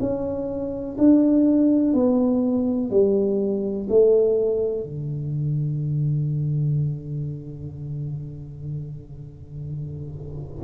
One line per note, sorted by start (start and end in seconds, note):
0.00 0.97 C#4
0.98 1.94 D4
1.94 2.90 B3
2.90 3.87 G3
3.89 4.83 A3
4.83 10.64 D3